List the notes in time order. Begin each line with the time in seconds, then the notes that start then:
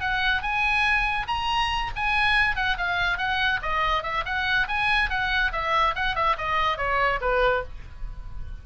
0.00 F#5
0.42 G#5
1.28 A#5
1.96 G#5
2.56 F#5
2.77 F5
3.18 F#5
3.62 D#5
4.03 E5
4.25 F#5
4.68 G#5
5.10 F#5
5.52 E5
5.96 F#5
6.15 E5
6.38 D#5
6.77 C#5
7.21 B4